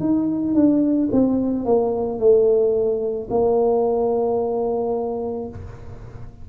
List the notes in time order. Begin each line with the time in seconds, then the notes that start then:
0.00 D#4
0.55 D4
1.12 C4
1.65 A#3
2.19 A3
3.31 A#3